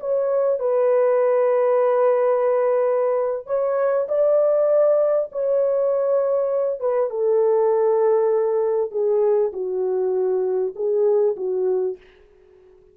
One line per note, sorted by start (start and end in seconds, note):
0.00 0.59 C#5
0.59 3.47 B4
3.47 4.07 C#5
4.09 5.30 D5
5.32 6.80 C#5
6.80 7.10 B4
7.10 8.91 A4
8.91 9.52 G#4
9.53 10.74 F#4
10.75 11.36 G#4
11.37 11.97 F#4